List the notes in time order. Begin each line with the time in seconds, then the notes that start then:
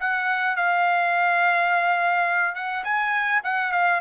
0.00 F#5
0.56 F5
2.55 F#5
2.84 G#5
3.44 F#5
3.72 F5